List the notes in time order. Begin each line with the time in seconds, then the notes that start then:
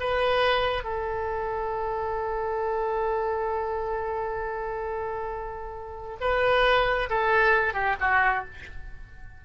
0.00 B4
0.84 A4
6.20 B4
7.10 A4
7.74 G4
8.00 F#4